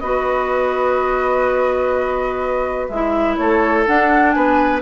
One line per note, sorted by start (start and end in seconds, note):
0.00 2.89 B3
0.00 2.91 F#4
0.00 3.39 B4
0.00 2.88 D#5
2.89 3.38 G#3
2.89 3.87 E4
2.89 3.37 E5
3.37 3.86 A3
3.37 4.35 A4
3.37 3.85 C#5
3.87 4.82 D4
3.87 4.36 D4
3.87 4.32 F#5
4.32 4.82 B3
4.32 4.82 B4
4.32 4.79 G#5